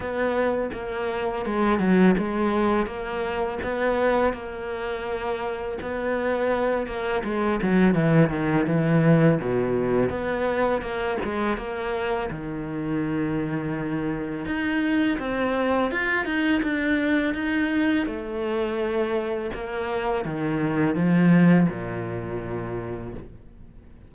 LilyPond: \new Staff \with { instrumentName = "cello" } { \time 4/4 \tempo 4 = 83 b4 ais4 gis8 fis8 gis4 | ais4 b4 ais2 | b4. ais8 gis8 fis8 e8 dis8 | e4 b,4 b4 ais8 gis8 |
ais4 dis2. | dis'4 c'4 f'8 dis'8 d'4 | dis'4 a2 ais4 | dis4 f4 ais,2 | }